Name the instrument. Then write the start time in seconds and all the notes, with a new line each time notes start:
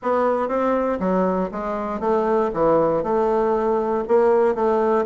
bassoon
0.02 B3
0.48 C4
0.99 F#3
1.51 G#3
1.99 A3
2.53 E3
3.03 A3
4.08 A#3
4.54 A3